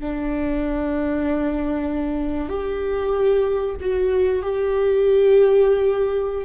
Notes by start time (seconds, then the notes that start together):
0.00 D4
2.49 G4
3.80 F#4
4.42 G4